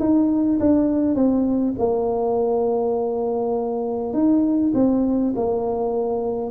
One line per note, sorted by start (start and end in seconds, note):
0.00 0.59 D#4
0.60 1.15 D4
1.15 1.75 C4
1.79 4.14 A#3
4.14 4.73 D#4
4.75 5.34 C4
5.36 6.51 A#3